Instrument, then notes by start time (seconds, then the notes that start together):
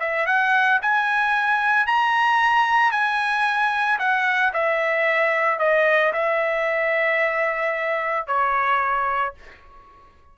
trumpet
0.00 E5
0.27 F#5
0.82 G#5
1.87 A#5
2.92 G#5
3.99 F#5
4.54 E5
5.60 D#5
6.13 E5
8.27 C#5